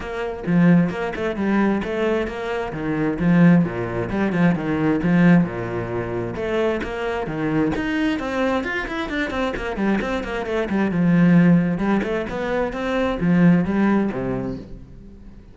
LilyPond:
\new Staff \with { instrumentName = "cello" } { \time 4/4 \tempo 4 = 132 ais4 f4 ais8 a8 g4 | a4 ais4 dis4 f4 | ais,4 g8 f8 dis4 f4 | ais,2 a4 ais4 |
dis4 dis'4 c'4 f'8 e'8 | d'8 c'8 ais8 g8 c'8 ais8 a8 g8 | f2 g8 a8 b4 | c'4 f4 g4 c4 | }